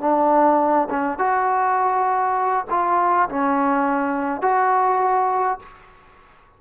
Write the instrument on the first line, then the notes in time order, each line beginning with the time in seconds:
trombone
0.00 D4
0.90 C#4
1.18 F#4
2.70 F4
3.29 C#4
4.41 F#4